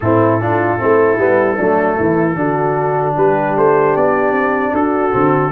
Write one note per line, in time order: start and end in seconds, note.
0.00 0.79 A2
0.00 0.40 C4
0.00 0.41 E4
0.00 3.13 A4
0.40 0.78 D4
0.40 0.79 F4
0.78 1.18 A3
0.78 1.17 C4
0.78 1.57 E4
1.18 1.57 G3
1.18 1.57 B3
1.57 1.98 F#3
1.57 2.35 A3
1.57 1.95 D4
1.95 2.35 E3
1.95 2.35 E4
2.35 3.14 D3
2.35 5.11 D4
2.35 3.14 F#4
3.14 3.56 G3
3.14 4.72 G4
3.14 3.57 B4
3.56 3.96 A3
3.56 3.96 C5
3.96 4.32 B3
3.96 4.74 D5
4.32 4.72 C4
4.73 5.12 D4
4.73 5.52 F#4
4.73 5.52 A4
5.11 5.52 D3
5.11 5.50 C4